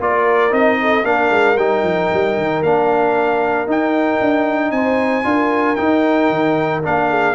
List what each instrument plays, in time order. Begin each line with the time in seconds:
0.00 tuba A#3, trombone F4, horn A#4, trumpet D5
0.51 tuba C4, trombone D#4, trumpet D#5
0.81 horn A4
1.04 tuba A#3, trombone D4, horn A#4, trumpet F5
1.31 tuba G#3
1.57 tuba G3, trombone D#4, trumpet G5
1.83 tuba F3
2.14 tuba G3
2.37 tuba D#3
2.63 tuba A#3, trombone D4, trumpet F5
3.67 tuba D#4, trombone D#4, trumpet G5
4.21 tuba D4
4.72 tuba C4, horn C5, trumpet G#5
5.24 tuba D4, trombone F4, horn A#4
5.76 trombone D#4, tuba D#4, trumpet G5
6.30 tuba D#3
6.83 tuba A#3, trombone D4, trumpet F5
7.10 horn G#4